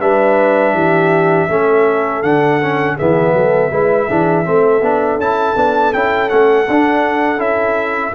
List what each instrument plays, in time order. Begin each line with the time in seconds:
0.00 tuba G3, trombone D4, horn B4, trumpet E5
0.74 tuba E3, horn G4
1.49 tuba A3, trombone C#4, horn A4
2.23 tuba D3, trombone D4, trumpet F#5
2.62 trombone C#4
2.96 tuba E3, trombone B3, horn G#4, trumpet E5
3.33 tuba F#3, horn A4
3.71 tuba G#3, trombone E4, horn B4
4.08 tuba E3, trombone D4, horn G#4
4.45 tuba A3, trombone C4, horn A4
4.82 tuba B3, trombone D4
5.16 tuba C#4, trombone E4, trumpet A5
5.56 tuba B3, trombone D4
5.94 tuba C#4, trombone E4, trumpet G5
6.29 tuba A3, trombone C#4, trumpet F#5
6.68 tuba D4, trombone D4
7.38 tuba C#4, trombone E4, trumpet E5